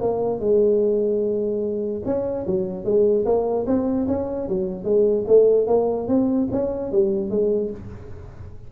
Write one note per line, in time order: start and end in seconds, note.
0.00 0.39 A#3
0.39 2.02 G#3
2.05 2.45 C#4
2.46 2.84 F#3
2.84 3.25 G#3
3.25 3.65 A#3
3.66 4.07 C4
4.07 4.48 C#4
4.48 4.84 F#3
4.84 5.24 G#3
5.27 5.67 A3
5.67 6.07 A#3
6.07 6.48 C4
6.51 6.91 C#4
6.91 7.30 G3
7.30 7.70 G#3